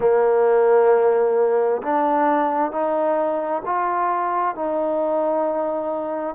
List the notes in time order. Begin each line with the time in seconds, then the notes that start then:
0.00 A#3
1.83 D4
2.71 D#4
3.65 F4
4.55 D#4